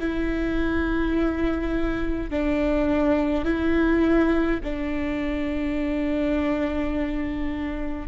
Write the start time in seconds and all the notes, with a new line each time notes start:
0.00 E4
2.31 D4
3.45 E4
4.64 D4